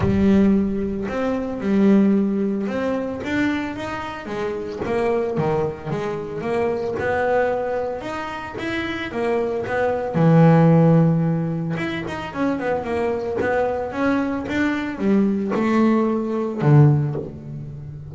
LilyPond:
\new Staff \with { instrumentName = "double bass" } { \time 4/4 \tempo 4 = 112 g2 c'4 g4~ | g4 c'4 d'4 dis'4 | gis4 ais4 dis4 gis4 | ais4 b2 dis'4 |
e'4 ais4 b4 e4~ | e2 e'8 dis'8 cis'8 b8 | ais4 b4 cis'4 d'4 | g4 a2 d4 | }